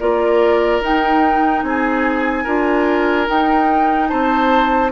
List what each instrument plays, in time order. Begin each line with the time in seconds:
0.00 bassoon A#3, clarinet F4, oboe A#4, flute D5
0.81 bassoon D#4, clarinet D#4, flute G5
1.63 bassoon C4, oboe G#4, flute G#5
2.44 bassoon D4, clarinet F4, oboe A#4
3.27 clarinet D#4, bassoon D#4, flute G5
4.09 bassoon C4, oboe C5, flute A5